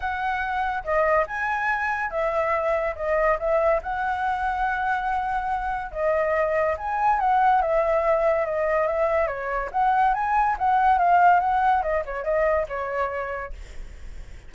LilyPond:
\new Staff \with { instrumentName = "flute" } { \time 4/4 \tempo 4 = 142 fis''2 dis''4 gis''4~ | gis''4 e''2 dis''4 | e''4 fis''2.~ | fis''2 dis''2 |
gis''4 fis''4 e''2 | dis''4 e''4 cis''4 fis''4 | gis''4 fis''4 f''4 fis''4 | dis''8 cis''8 dis''4 cis''2 | }